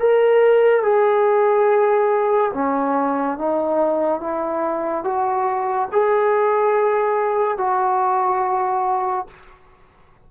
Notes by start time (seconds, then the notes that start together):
0.00 A#4
0.83 G#4
2.54 C#4
3.38 D#4
4.21 E4
5.04 F#4
5.92 G#4
7.58 F#4